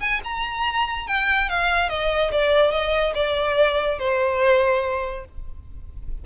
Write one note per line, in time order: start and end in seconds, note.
0.00 0.21 G#5
0.24 1.07 A#5
1.07 1.49 G5
1.49 1.89 F5
1.89 2.31 D#5
2.32 2.71 D5
2.71 3.13 D#5
3.15 3.99 D5
3.99 5.25 C5